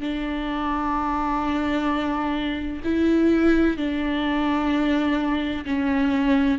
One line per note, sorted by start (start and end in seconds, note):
0.00 2.81 D4
2.83 3.77 E4
3.77 5.64 D4
5.65 6.58 C#4